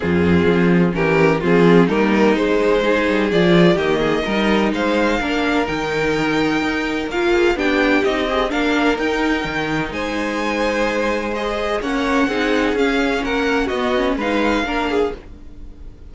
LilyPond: <<
  \new Staff \with { instrumentName = "violin" } { \time 4/4 \tempo 4 = 127 gis'2 ais'4 gis'4 | ais'4 c''2 d''4 | dis''2 f''2 | g''2. f''4 |
g''4 dis''4 f''4 g''4~ | g''4 gis''2. | dis''4 fis''2 f''4 | fis''4 dis''4 f''2 | }
  \new Staff \with { instrumentName = "violin" } { \time 4/4 f'2 g'4 f'4 | dis'2 gis'2 | g'8 gis'8 ais'4 c''4 ais'4~ | ais'2.~ ais'8 gis'8 |
g'2 ais'2~ | ais'4 c''2.~ | c''4 cis''4 gis'2 | ais'4 fis'4 b'4 ais'8 gis'8 | }
  \new Staff \with { instrumentName = "viola" } { \time 4/4 c'2 cis'4 c'4 | ais4 gis4 dis'4 f'4 | ais4 dis'2 d'4 | dis'2. f'4 |
d'4 dis'8 gis'8 d'4 dis'4~ | dis'1 | gis'4 cis'4 dis'4 cis'4~ | cis'4 b8 cis'8 dis'4 d'4 | }
  \new Staff \with { instrumentName = "cello" } { \time 4/4 f,4 f4 e4 f4 | g4 gis4. g8 f4 | dis4 g4 gis4 ais4 | dis2 dis'4 ais4 |
b4 c'4 ais4 dis'4 | dis4 gis2.~ | gis4 ais4 c'4 cis'4 | ais4 b4 gis4 ais4 | }
>>